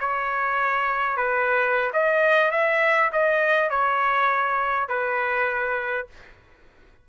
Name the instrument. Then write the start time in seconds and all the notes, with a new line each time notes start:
trumpet
0.00 C#5
1.17 B4
1.93 D#5
2.51 E5
3.12 D#5
3.70 C#5
4.88 B4